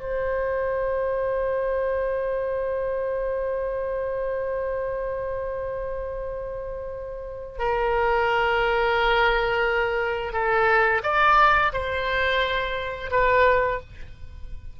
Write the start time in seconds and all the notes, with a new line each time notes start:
0.00 C5
7.59 A#4
10.33 A4
11.03 D5
11.73 C5
13.11 B4